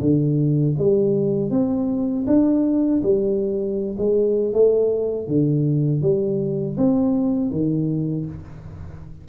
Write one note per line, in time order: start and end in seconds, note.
0.00 0.75 D3
0.78 1.50 G3
1.50 2.25 C4
2.26 3.01 D4
3.02 3.96 G3
3.97 4.53 G#3
4.53 5.27 A3
5.27 6.01 D3
6.01 6.76 G3
6.77 7.50 C4
7.50 8.25 D#3